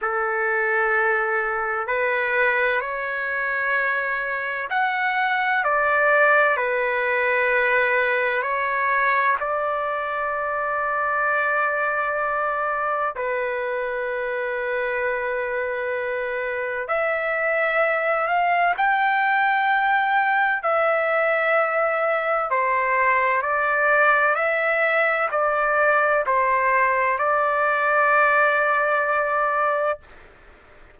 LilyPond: \new Staff \with { instrumentName = "trumpet" } { \time 4/4 \tempo 4 = 64 a'2 b'4 cis''4~ | cis''4 fis''4 d''4 b'4~ | b'4 cis''4 d''2~ | d''2 b'2~ |
b'2 e''4. f''8 | g''2 e''2 | c''4 d''4 e''4 d''4 | c''4 d''2. | }